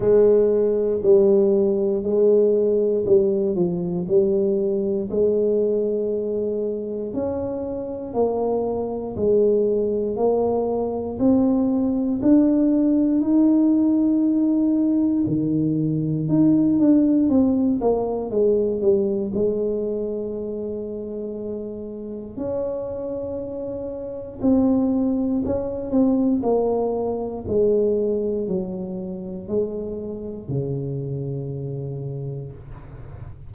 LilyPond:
\new Staff \with { instrumentName = "tuba" } { \time 4/4 \tempo 4 = 59 gis4 g4 gis4 g8 f8 | g4 gis2 cis'4 | ais4 gis4 ais4 c'4 | d'4 dis'2 dis4 |
dis'8 d'8 c'8 ais8 gis8 g8 gis4~ | gis2 cis'2 | c'4 cis'8 c'8 ais4 gis4 | fis4 gis4 cis2 | }